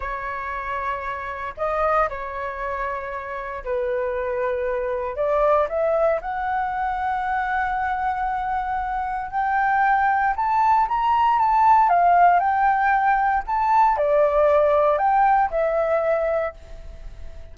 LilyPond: \new Staff \with { instrumentName = "flute" } { \time 4/4 \tempo 4 = 116 cis''2. dis''4 | cis''2. b'4~ | b'2 d''4 e''4 | fis''1~ |
fis''2 g''2 | a''4 ais''4 a''4 f''4 | g''2 a''4 d''4~ | d''4 g''4 e''2 | }